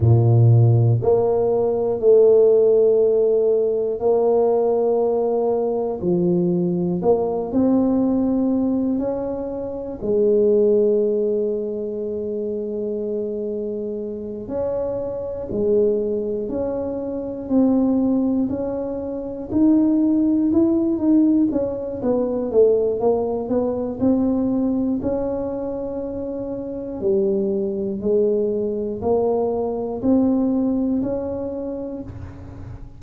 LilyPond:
\new Staff \with { instrumentName = "tuba" } { \time 4/4 \tempo 4 = 60 ais,4 ais4 a2 | ais2 f4 ais8 c'8~ | c'4 cis'4 gis2~ | gis2~ gis8 cis'4 gis8~ |
gis8 cis'4 c'4 cis'4 dis'8~ | dis'8 e'8 dis'8 cis'8 b8 a8 ais8 b8 | c'4 cis'2 g4 | gis4 ais4 c'4 cis'4 | }